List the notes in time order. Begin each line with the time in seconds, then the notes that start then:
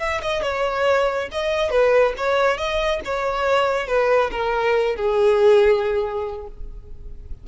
0.00 E5
0.22 D#5
0.43 C#5
1.32 D#5
1.71 B4
2.18 C#5
2.58 D#5
3.05 C#5
3.88 B4
4.32 A#4
4.96 G#4